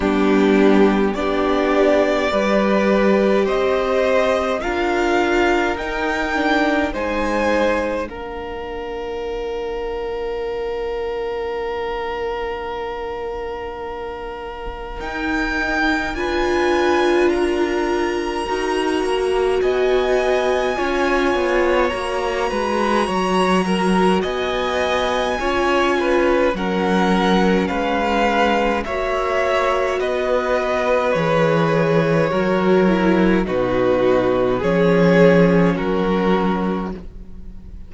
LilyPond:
<<
  \new Staff \with { instrumentName = "violin" } { \time 4/4 \tempo 4 = 52 g'4 d''2 dis''4 | f''4 g''4 gis''4 f''4~ | f''1~ | f''4 g''4 gis''4 ais''4~ |
ais''4 gis''2 ais''4~ | ais''4 gis''2 fis''4 | f''4 e''4 dis''4 cis''4~ | cis''4 b'4 cis''4 ais'4 | }
  \new Staff \with { instrumentName = "violin" } { \time 4/4 d'4 g'4 b'4 c''4 | ais'2 c''4 ais'4~ | ais'1~ | ais'2 b'4 ais'4~ |
ais'4 dis''4 cis''4. b'8 | cis''8 ais'8 dis''4 cis''8 b'8 ais'4 | b'4 cis''4 b'2 | ais'4 fis'4 gis'4 fis'4 | }
  \new Staff \with { instrumentName = "viola" } { \time 4/4 b4 d'4 g'2 | f'4 dis'8 d'8 dis'4 d'4~ | d'1~ | d'4 dis'4 f'2 |
fis'2 f'4 fis'4~ | fis'2 f'4 cis'4~ | cis'4 fis'2 gis'4 | fis'8 e'8 dis'4 cis'2 | }
  \new Staff \with { instrumentName = "cello" } { \time 4/4 g4 b4 g4 c'4 | d'4 dis'4 gis4 ais4~ | ais1~ | ais4 dis'4 d'2 |
dis'8 ais8 b4 cis'8 b8 ais8 gis8 | fis4 b4 cis'4 fis4 | gis4 ais4 b4 e4 | fis4 b,4 f4 fis4 | }
>>